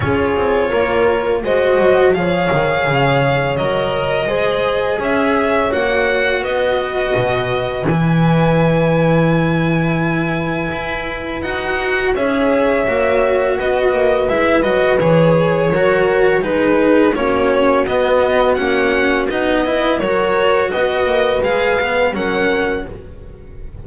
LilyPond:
<<
  \new Staff \with { instrumentName = "violin" } { \time 4/4 \tempo 4 = 84 cis''2 dis''4 f''4~ | f''4 dis''2 e''4 | fis''4 dis''2 gis''4~ | gis''1 |
fis''4 e''2 dis''4 | e''8 dis''8 cis''2 b'4 | cis''4 dis''4 fis''4 dis''4 | cis''4 dis''4 f''4 fis''4 | }
  \new Staff \with { instrumentName = "horn" } { \time 4/4 gis'4 ais'4 c''4 cis''4~ | cis''2 c''4 cis''4~ | cis''4 b'2.~ | b'1~ |
b'4 cis''2 b'4~ | b'2 ais'4 gis'4 | fis'2.~ fis'8 b'8 | ais'4 b'2 ais'4 | }
  \new Staff \with { instrumentName = "cello" } { \time 4/4 f'2 fis'4 gis'4~ | gis'4 ais'4 gis'2 | fis'2. e'4~ | e'1 |
fis'4 gis'4 fis'2 | e'8 fis'8 gis'4 fis'4 dis'4 | cis'4 b4 cis'4 dis'8 e'8 | fis'2 gis'8 b8 cis'4 | }
  \new Staff \with { instrumentName = "double bass" } { \time 4/4 cis'8 c'8 ais4 gis8 fis8 f8 dis8 | cis4 fis4 gis4 cis'4 | ais4 b4 b,4 e4~ | e2. e'4 |
dis'4 cis'4 ais4 b8 ais8 | gis8 fis8 e4 fis4 gis4 | ais4 b4 ais4 b4 | fis4 b8 ais8 gis4 fis4 | }
>>